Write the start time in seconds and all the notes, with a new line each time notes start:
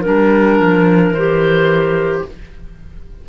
0.00 G3 D4 A#4
0.59 F3
1.10 E3 C5
1.17 G4